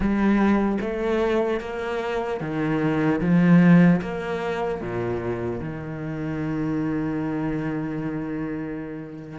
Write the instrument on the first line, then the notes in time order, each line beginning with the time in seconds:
cello
0.00 G3
0.80 A3
1.60 A#3
2.40 D#3
3.20 F3
4.01 A#3
4.81 A#2
5.60 D#3